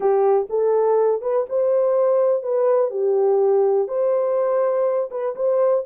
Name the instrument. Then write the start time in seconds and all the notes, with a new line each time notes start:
horn
0.00 G4
0.49 A4
1.21 B4
1.49 C5
2.42 B4
2.90 G4
3.88 C5
5.11 B4
5.35 C5